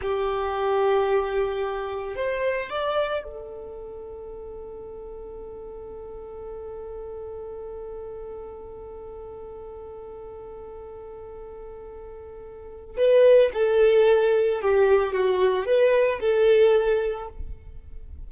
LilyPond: \new Staff \with { instrumentName = "violin" } { \time 4/4 \tempo 4 = 111 g'1 | c''4 d''4 a'2~ | a'1~ | a'1~ |
a'1~ | a'1 | b'4 a'2 g'4 | fis'4 b'4 a'2 | }